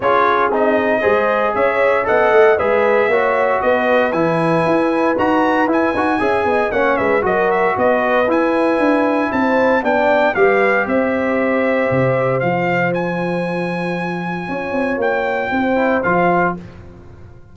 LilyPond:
<<
  \new Staff \with { instrumentName = "trumpet" } { \time 4/4 \tempo 4 = 116 cis''4 dis''2 e''4 | fis''4 e''2 dis''4 | gis''2 ais''4 gis''4~ | gis''4 fis''8 e''8 dis''8 e''8 dis''4 |
gis''2 a''4 g''4 | f''4 e''2. | f''4 gis''2.~ | gis''4 g''2 f''4 | }
  \new Staff \with { instrumentName = "horn" } { \time 4/4 gis'2 c''4 cis''4 | dis''4 b'4 cis''4 b'4~ | b'1 | e''8 dis''8 cis''8 b'8 ais'4 b'4~ |
b'2 c''4 d''4 | b'4 c''2.~ | c''1 | cis''2 c''2 | }
  \new Staff \with { instrumentName = "trombone" } { \time 4/4 f'4 dis'4 gis'2 | a'4 gis'4 fis'2 | e'2 fis'4 e'8 fis'8 | gis'4 cis'4 fis'2 |
e'2. d'4 | g'1 | f'1~ | f'2~ f'8 e'8 f'4 | }
  \new Staff \with { instrumentName = "tuba" } { \time 4/4 cis'4 c'4 gis4 cis'4 | b8 a8 gis4 ais4 b4 | e4 e'4 dis'4 e'8 dis'8 | cis'8 b8 ais8 gis8 fis4 b4 |
e'4 d'4 c'4 b4 | g4 c'2 c4 | f1 | cis'8 c'8 ais4 c'4 f4 | }
>>